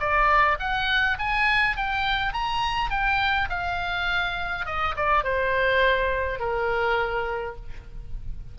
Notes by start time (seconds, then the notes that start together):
0.00 D5
0.60 F#5
1.19 G#5
1.77 G5
2.33 A#5
2.91 G5
3.50 F5
4.66 D#5
4.96 D5
5.24 C5
6.40 A#4